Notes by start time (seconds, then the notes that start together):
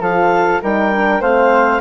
0.00 F3 F4 A4 F5
0.62 G3 D#4 A#4 G5
0.92 D4
1.21 A3 C4 C5 F5